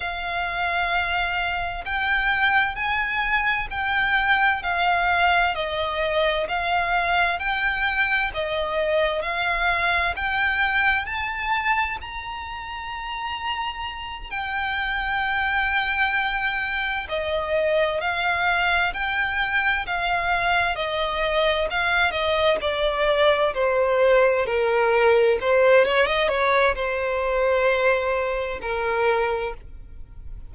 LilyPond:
\new Staff \with { instrumentName = "violin" } { \time 4/4 \tempo 4 = 65 f''2 g''4 gis''4 | g''4 f''4 dis''4 f''4 | g''4 dis''4 f''4 g''4 | a''4 ais''2~ ais''8 g''8~ |
g''2~ g''8 dis''4 f''8~ | f''8 g''4 f''4 dis''4 f''8 | dis''8 d''4 c''4 ais'4 c''8 | cis''16 dis''16 cis''8 c''2 ais'4 | }